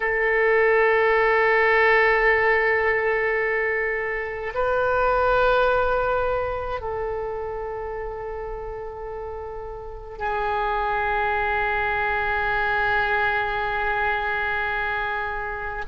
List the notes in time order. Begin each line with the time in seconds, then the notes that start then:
0.00 A4
4.54 B4
6.80 A4
10.18 G#4